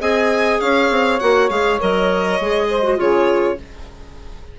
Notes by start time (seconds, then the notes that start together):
0.00 C4 G#4 D#5 G#5
0.59 C#4 C#5 F5
0.90 C4
1.19 A#3 F#4 F#5
1.49 G#3 G#4 F5
1.80 F#3 A#4 D#5
2.40 G#3 G#4
2.69 C5
2.82 F#4
2.96 C#3 F4 G#4 C#5